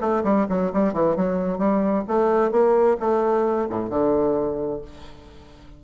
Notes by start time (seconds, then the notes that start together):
0.00 A3
0.24 G3
0.49 F#3
0.73 G3
0.93 E3
1.16 F#3
1.58 G3
2.07 A3
2.51 A#3
3.00 A3
3.70 A2
3.90 D3